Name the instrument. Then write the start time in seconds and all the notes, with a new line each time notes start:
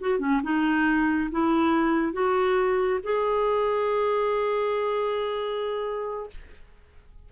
clarinet
0.00 F#4
0.19 C#4
0.43 D#4
1.31 E4
2.13 F#4
3.03 G#4